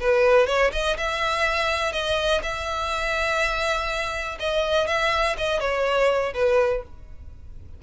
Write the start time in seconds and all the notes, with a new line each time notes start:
0.00 B4
0.47 C#5
0.73 D#5
0.97 E5
1.93 D#5
2.43 E5
4.40 D#5
4.87 E5
5.38 D#5
5.61 C#5
6.34 B4